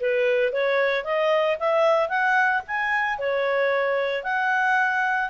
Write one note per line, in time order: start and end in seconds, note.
0.00 0.52 B4
0.52 1.04 C#5
1.04 1.57 D#5
1.59 2.09 E5
2.09 2.62 F#5
2.67 3.18 G#5
3.18 4.23 C#5
4.23 5.29 F#5